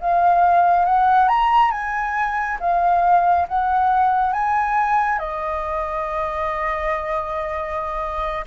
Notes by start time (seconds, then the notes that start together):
0.00 F5
0.85 F#5
1.28 A#5
1.71 G#5
2.60 F5
3.48 F#5
4.33 G#5
5.19 D#5